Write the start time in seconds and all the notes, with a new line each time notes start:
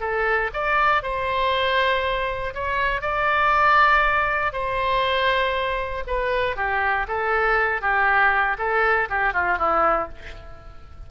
0.00 A4
0.53 D5
1.03 C5
2.54 C#5
3.01 D5
4.53 C5
6.07 B4
6.56 G4
7.08 A4
7.82 G4
8.58 A4
9.10 G4
9.33 F4
9.58 E4